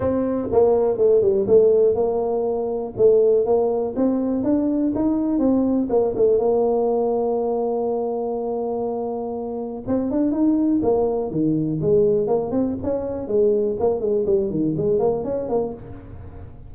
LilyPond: \new Staff \with { instrumentName = "tuba" } { \time 4/4 \tempo 4 = 122 c'4 ais4 a8 g8 a4 | ais2 a4 ais4 | c'4 d'4 dis'4 c'4 | ais8 a8 ais2.~ |
ais1 | c'8 d'8 dis'4 ais4 dis4 | gis4 ais8 c'8 cis'4 gis4 | ais8 gis8 g8 dis8 gis8 ais8 cis'8 ais8 | }